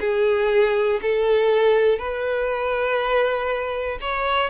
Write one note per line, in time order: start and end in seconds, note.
0.00 1.00 G#4
1.02 1.99 A4
1.99 3.99 B4
4.01 4.50 C#5